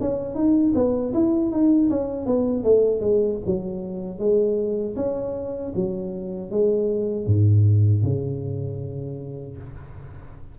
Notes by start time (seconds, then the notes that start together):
0.00 C#4
0.35 D#4
0.74 B3
1.14 E4
1.51 D#4
1.90 C#4
2.26 B3
2.64 A3
3.00 G#3
3.46 F#3
4.19 G#3
4.96 C#4
5.75 F#3
6.50 G#3
7.26 G#2
8.03 C#3